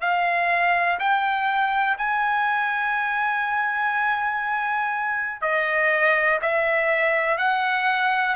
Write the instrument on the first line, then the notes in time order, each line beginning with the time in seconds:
trumpet
0.00 F5
0.99 G5
1.97 G#5
5.41 D#5
6.42 E5
7.37 F#5